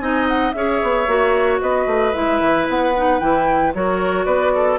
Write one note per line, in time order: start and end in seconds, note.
0.00 0.53 C4
0.00 0.53 D#4
0.00 0.55 D#5
0.00 0.27 G#5
0.28 0.52 F#5
0.52 0.81 C#4
0.52 1.07 G#4
0.52 1.62 C#5
0.52 1.58 E5
0.83 1.07 B3
1.07 1.61 A#3
1.07 2.14 F#4
1.61 1.86 B3
1.61 3.74 B4
1.61 2.14 D#5
1.86 2.13 A3
2.14 2.41 G#3
2.14 2.93 E4
2.14 2.67 E5
2.41 2.67 E3
2.69 3.21 B3
2.69 3.20 F#5
2.96 3.20 D#4
3.20 3.74 E3
3.20 3.73 E4
3.20 3.73 G5
3.74 4.26 F#3
3.74 4.79 F#4
3.74 4.26 A#4
3.74 4.25 C#5
4.25 4.79 B3
4.25 4.52 B4
4.25 4.78 D5
4.55 4.79 A4